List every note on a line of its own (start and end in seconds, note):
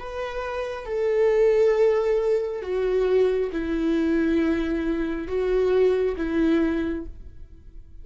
0.00 0.86 B4
0.86 2.62 A4
2.63 3.51 F#4
3.52 5.28 E4
5.28 6.16 F#4
6.17 7.05 E4